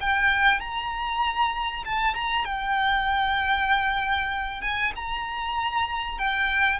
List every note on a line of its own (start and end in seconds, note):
0.00 0.60 G5
0.60 1.84 A#5
1.85 2.15 A5
2.15 2.45 A#5
2.45 4.61 G5
4.61 4.92 G#5
4.95 6.18 A#5
6.18 6.79 G5